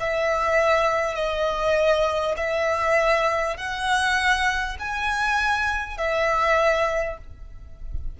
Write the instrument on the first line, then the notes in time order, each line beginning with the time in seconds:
violin
0.00 E5
1.15 D#5
2.37 E5
3.57 F#5
4.79 G#5
5.98 E5